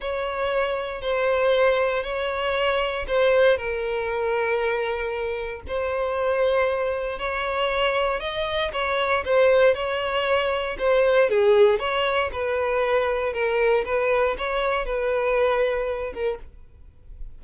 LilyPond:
\new Staff \with { instrumentName = "violin" } { \time 4/4 \tempo 4 = 117 cis''2 c''2 | cis''2 c''4 ais'4~ | ais'2. c''4~ | c''2 cis''2 |
dis''4 cis''4 c''4 cis''4~ | cis''4 c''4 gis'4 cis''4 | b'2 ais'4 b'4 | cis''4 b'2~ b'8 ais'8 | }